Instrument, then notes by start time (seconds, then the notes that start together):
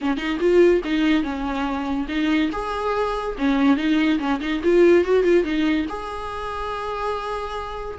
viola
0.01 C#4
0.17 D#4
0.40 F4
0.84 D#4
1.23 C#4
2.08 D#4
2.52 G#4
3.38 C#4
3.76 D#4
4.19 C#4
4.40 D#4
4.63 F4
5.04 F#4
5.23 F4
5.44 D#4
5.89 G#4